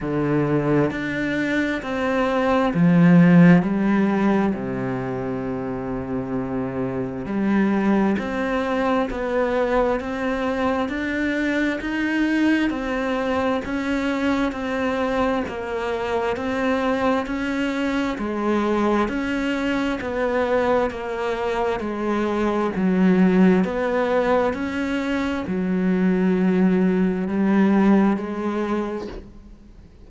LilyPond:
\new Staff \with { instrumentName = "cello" } { \time 4/4 \tempo 4 = 66 d4 d'4 c'4 f4 | g4 c2. | g4 c'4 b4 c'4 | d'4 dis'4 c'4 cis'4 |
c'4 ais4 c'4 cis'4 | gis4 cis'4 b4 ais4 | gis4 fis4 b4 cis'4 | fis2 g4 gis4 | }